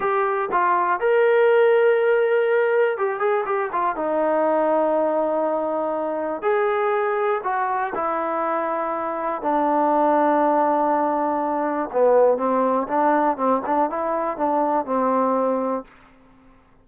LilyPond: \new Staff \with { instrumentName = "trombone" } { \time 4/4 \tempo 4 = 121 g'4 f'4 ais'2~ | ais'2 g'8 gis'8 g'8 f'8 | dis'1~ | dis'4 gis'2 fis'4 |
e'2. d'4~ | d'1 | b4 c'4 d'4 c'8 d'8 | e'4 d'4 c'2 | }